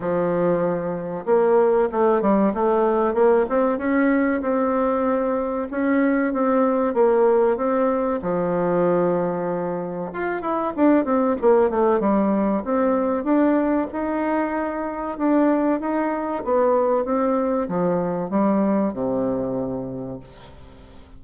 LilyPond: \new Staff \with { instrumentName = "bassoon" } { \time 4/4 \tempo 4 = 95 f2 ais4 a8 g8 | a4 ais8 c'8 cis'4 c'4~ | c'4 cis'4 c'4 ais4 | c'4 f2. |
f'8 e'8 d'8 c'8 ais8 a8 g4 | c'4 d'4 dis'2 | d'4 dis'4 b4 c'4 | f4 g4 c2 | }